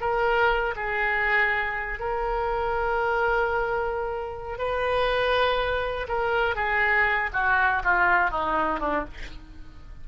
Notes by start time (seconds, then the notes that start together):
0.00 A#4
0.76 G#4
1.99 A#4
4.58 B4
6.08 A#4
6.55 G#4
7.33 F#4
7.83 F4
8.30 D#4
8.79 D4